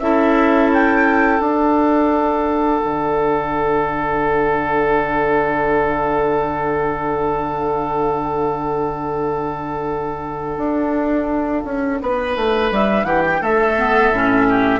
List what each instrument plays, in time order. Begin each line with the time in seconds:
0.00 bassoon C#4, clarinet E4, oboe A4, flute E5
0.74 flute G5
1.40 bassoon D4, clarinet D4, flute F#5
2.85 bassoon D3
10.58 bassoon D4
11.65 bassoon C#4
12.01 bassoon B3, oboe B4
12.36 bassoon A3
12.71 bassoon G3, flute E5
13.04 bassoon E3, oboe G4, flute F#5
13.26 flute G5
13.41 bassoon A3, oboe A4, flute E5
13.78 clarinet B3
14.11 bassoon A2, clarinet C#4
14.49 oboe G4